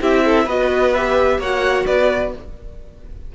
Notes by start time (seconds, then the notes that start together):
0.00 C4 E4 G4 E5
0.24 A4
0.44 B3 F#4 B4 D#5
0.94 G4 E5
1.38 A#3 F#4 C#5 F#5
1.86 B3 B4 D5